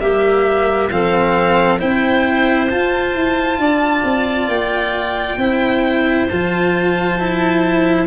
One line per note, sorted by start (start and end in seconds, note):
0.00 0.90 G3
0.00 0.90 A#3
0.00 0.91 G4
0.00 0.90 E5
0.90 1.81 F3
0.90 1.79 C4
0.90 1.79 A4
0.90 1.79 F5
1.79 2.71 C4
1.79 2.69 E4
1.79 3.58 C5
1.79 2.70 G5
2.70 5.39 F4
2.70 3.15 F4
2.70 4.49 A5
3.15 3.59 E4
3.59 4.03 D4
3.59 5.39 D5
4.04 4.49 C4
4.49 5.38 A#3
4.49 6.28 G5
5.38 6.27 C4
5.38 6.29 E4
5.38 8.07 C5
6.29 8.07 F3
6.29 7.19 F4
6.29 8.07 A5
7.19 8.07 E4